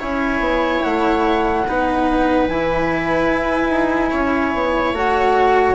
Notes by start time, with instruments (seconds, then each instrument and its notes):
0.00 bassoon C#4, cello E4, viola C#5, flute G#5
0.40 bassoon B3
0.83 bassoon A3, flute F#5
1.67 bassoon B3, cello D#4, viola B4
2.48 bassoon E3, cello E4, flute G#5
3.30 bassoon E4
3.70 bassoon D#4
4.11 bassoon C#4, viola C#5
4.54 bassoon B3
4.93 bassoon A3, cello F#4, flute F#5